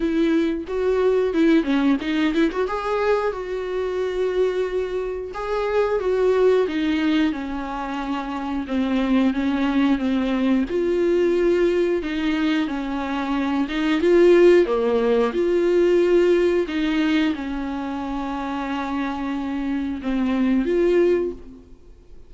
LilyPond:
\new Staff \with { instrumentName = "viola" } { \time 4/4 \tempo 4 = 90 e'4 fis'4 e'8 cis'8 dis'8 e'16 fis'16 | gis'4 fis'2. | gis'4 fis'4 dis'4 cis'4~ | cis'4 c'4 cis'4 c'4 |
f'2 dis'4 cis'4~ | cis'8 dis'8 f'4 ais4 f'4~ | f'4 dis'4 cis'2~ | cis'2 c'4 f'4 | }